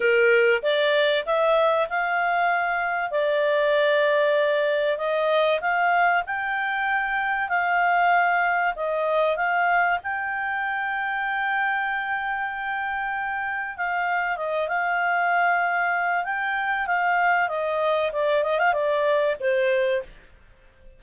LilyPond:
\new Staff \with { instrumentName = "clarinet" } { \time 4/4 \tempo 4 = 96 ais'4 d''4 e''4 f''4~ | f''4 d''2. | dis''4 f''4 g''2 | f''2 dis''4 f''4 |
g''1~ | g''2 f''4 dis''8 f''8~ | f''2 g''4 f''4 | dis''4 d''8 dis''16 f''16 d''4 c''4 | }